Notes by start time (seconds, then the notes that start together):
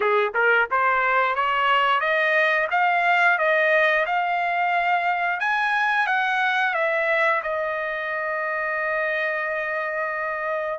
0.00 G#4
0.34 A#4
0.70 C5
1.35 C#5
2.00 D#5
2.71 F5
3.38 D#5
4.06 F5
5.40 G#5
6.06 F#5
6.74 E5
7.42 D#5